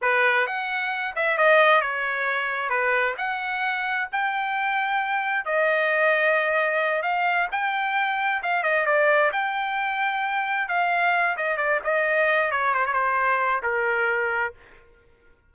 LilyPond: \new Staff \with { instrumentName = "trumpet" } { \time 4/4 \tempo 4 = 132 b'4 fis''4. e''8 dis''4 | cis''2 b'4 fis''4~ | fis''4 g''2. | dis''2.~ dis''8 f''8~ |
f''8 g''2 f''8 dis''8 d''8~ | d''8 g''2. f''8~ | f''4 dis''8 d''8 dis''4. cis''8 | c''16 cis''16 c''4. ais'2 | }